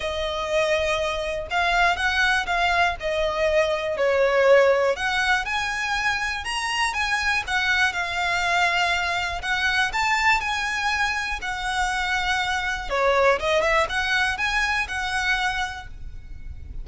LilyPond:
\new Staff \with { instrumentName = "violin" } { \time 4/4 \tempo 4 = 121 dis''2. f''4 | fis''4 f''4 dis''2 | cis''2 fis''4 gis''4~ | gis''4 ais''4 gis''4 fis''4 |
f''2. fis''4 | a''4 gis''2 fis''4~ | fis''2 cis''4 dis''8 e''8 | fis''4 gis''4 fis''2 | }